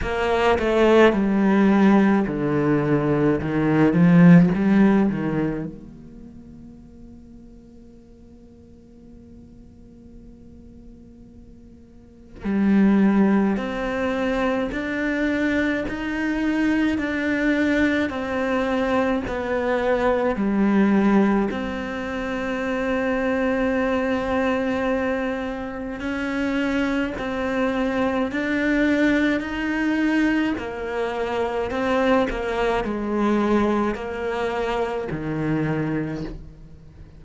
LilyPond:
\new Staff \with { instrumentName = "cello" } { \time 4/4 \tempo 4 = 53 ais8 a8 g4 d4 dis8 f8 | g8 dis8 ais2.~ | ais2. g4 | c'4 d'4 dis'4 d'4 |
c'4 b4 g4 c'4~ | c'2. cis'4 | c'4 d'4 dis'4 ais4 | c'8 ais8 gis4 ais4 dis4 | }